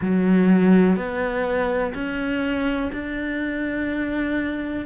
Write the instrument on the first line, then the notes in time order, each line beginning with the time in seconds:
cello
0.00 F#3
0.96 B3
1.94 C#4
2.92 D4